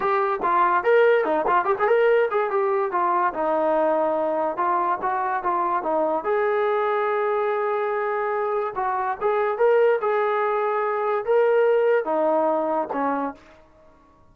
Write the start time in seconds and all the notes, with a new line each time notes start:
0.00 G4
0.42 F4
0.83 A#4
1.25 D#4
1.47 F4
1.64 G4
1.79 G#4
1.87 A#4
2.30 G#4
2.50 G4
2.91 F4
3.33 D#4
4.56 F4
5.02 F#4
5.43 F4
5.82 D#4
6.24 G#4
8.75 F#4
9.21 G#4
9.58 A#4
10.01 G#4
11.25 A#4
12.04 D#4
12.93 C#4